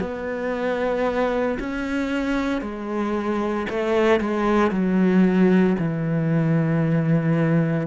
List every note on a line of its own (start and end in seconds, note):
0.00 1.58 B3
1.59 2.61 C#4
2.61 3.67 G#3
3.69 4.20 A3
4.20 4.71 G#3
4.71 5.77 F#3
5.78 7.87 E3